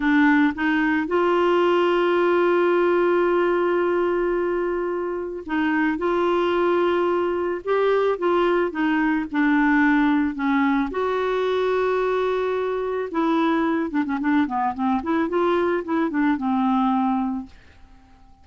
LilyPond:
\new Staff \with { instrumentName = "clarinet" } { \time 4/4 \tempo 4 = 110 d'4 dis'4 f'2~ | f'1~ | f'2 dis'4 f'4~ | f'2 g'4 f'4 |
dis'4 d'2 cis'4 | fis'1 | e'4. d'16 cis'16 d'8 b8 c'8 e'8 | f'4 e'8 d'8 c'2 | }